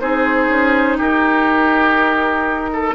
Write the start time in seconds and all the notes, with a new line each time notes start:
0.00 C4 D#4 G#4 C5
0.48 C#4
0.98 D#4 G4 A#4
2.73 A4